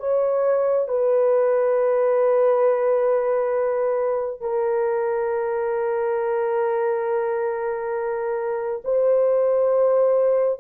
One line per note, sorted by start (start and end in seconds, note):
0.00 0.88 C#5
0.88 4.41 B4
4.41 8.82 A#4
8.85 10.60 C5